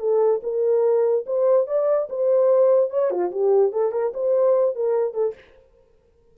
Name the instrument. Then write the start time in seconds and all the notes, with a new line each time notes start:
horn
0.00 A4
0.43 A#4
1.26 C5
1.67 D5
2.09 C5
2.90 C#5
3.10 F4
3.31 G4
3.72 A4
3.92 A#4
4.14 C5
4.75 A#4
5.14 A4